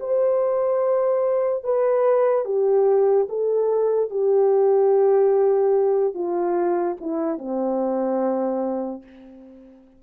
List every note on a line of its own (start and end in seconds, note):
0.00 1.64 C5
1.64 2.45 B4
2.45 3.28 G4
3.29 4.11 A4
4.11 6.15 G4
6.15 6.97 F4
7.01 7.38 E4
7.38 9.03 C4